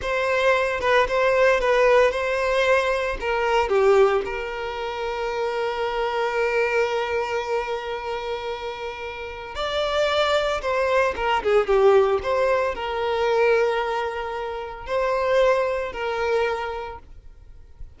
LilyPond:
\new Staff \with { instrumentName = "violin" } { \time 4/4 \tempo 4 = 113 c''4. b'8 c''4 b'4 | c''2 ais'4 g'4 | ais'1~ | ais'1~ |
ais'2 d''2 | c''4 ais'8 gis'8 g'4 c''4 | ais'1 | c''2 ais'2 | }